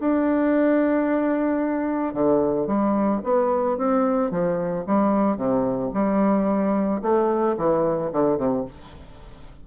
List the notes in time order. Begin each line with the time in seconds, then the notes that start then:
0.00 D4
2.14 D3
2.67 G3
3.23 B3
3.77 C4
4.30 F3
4.86 G3
5.37 C3
5.93 G3
7.02 A3
7.57 E3
8.12 D3
8.37 C3